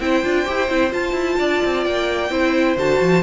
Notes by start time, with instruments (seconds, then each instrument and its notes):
0.00 cello C4, viola E4, violin C5 G5
0.24 cello D4, viola F4
0.45 cello E4, viola G4
0.69 cello C4, viola E4
0.90 viola F4, cello F4, violin A5
1.12 cello E4
1.39 cello D4, violin D5
1.64 cello C4
1.84 cello A#3, violin G5
2.30 cello C4, viola E4, violin C5
2.77 cello D3, viola F#4, violin A5
3.01 cello F3